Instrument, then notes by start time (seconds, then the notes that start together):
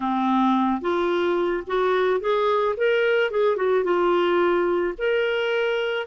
clarinet
0.00 C4
0.81 F4
1.66 F#4
2.20 G#4
2.76 A#4
3.31 G#4
3.56 F#4
3.84 F4
4.98 A#4